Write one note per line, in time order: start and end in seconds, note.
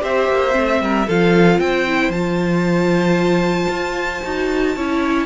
0.00 0.29 C4
0.00 0.51 G4
0.00 0.82 C5
0.00 1.09 E5
0.29 0.55 A#3
0.51 0.81 A3
0.51 1.03 C4
0.81 1.07 G3
0.81 1.07 A#4
1.07 1.59 F3
1.07 1.88 F4
1.07 1.60 A4
1.07 1.60 F5
1.59 2.09 C4
1.59 4.76 C5
1.59 2.11 G5
1.88 2.13 E4
2.09 3.67 F3
2.09 4.24 F4
2.09 5.26 A5
3.69 4.21 F4
4.24 4.76 D#4
4.24 4.76 F#4
4.76 5.26 C#4
4.76 5.26 E4
4.76 5.26 C#5